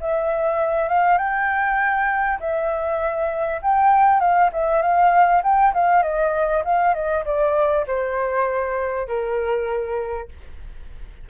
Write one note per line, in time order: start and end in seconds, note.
0.00 0.88 E5
0.88 1.17 F5
1.17 2.39 G5
2.39 3.60 E5
3.62 4.20 G5
4.20 4.50 F5
4.52 4.81 E5
4.81 5.42 F5
5.43 5.73 G5
5.73 6.02 F5
6.02 6.63 D#5
6.64 6.94 F5
6.94 7.24 D#5
7.25 7.85 D5
7.87 9.07 C5
9.07 10.28 A#4